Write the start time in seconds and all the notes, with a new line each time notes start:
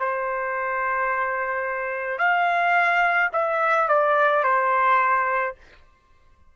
0.00 C5
2.19 F5
3.33 E5
3.88 D5
4.43 C5